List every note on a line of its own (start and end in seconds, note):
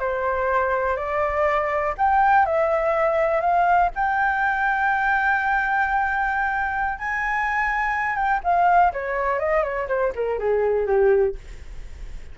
0.00 0.97 C5
0.97 1.94 D5
1.98 2.46 G5
2.46 3.41 E5
3.41 3.90 F5
3.96 7.00 G5
7.00 8.16 G#5
8.16 8.41 G5
8.44 8.93 F5
8.93 9.40 C#5
9.40 9.64 D#5
9.64 9.88 C#5
9.88 10.13 C5
10.16 10.39 A#4
10.39 10.87 G#4
10.87 11.36 G4